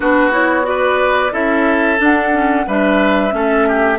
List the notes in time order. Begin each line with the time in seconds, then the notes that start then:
0.00 B3 D4 F#4 B4
0.31 E4 C#5
0.63 F#4 D5
0.69 B4
1.32 C#4 E4 A4 E5
1.98 D4 F#5
2.32 C#4
2.67 G3 D4 B4 E5
3.31 A3 C#4 A4
3.68 G4